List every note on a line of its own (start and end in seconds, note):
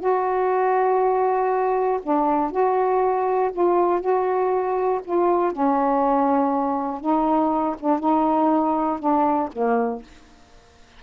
0.00 2.00 F#4
2.03 2.51 D4
2.51 3.51 F#4
3.52 4.01 F4
4.01 5.01 F#4
5.05 5.52 F4
5.52 7.01 C#4
7.01 7.76 D#4
7.80 7.99 D4
7.99 8.99 D#4
8.99 9.49 D4
9.53 10.03 A#3